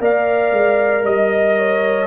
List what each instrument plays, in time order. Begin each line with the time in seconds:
0.00 tuba A#3, trombone A#4, horn D5, trumpet F5
0.52 tuba G#3
1.04 tuba G3, horn D#5, trumpet D#5
1.58 horn C#5